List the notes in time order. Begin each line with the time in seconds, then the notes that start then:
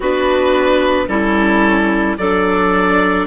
0.00 B3 D4 F#4 B4
1.07 G3 C#4 E4 A4
2.17 F#3 D4 A4 D5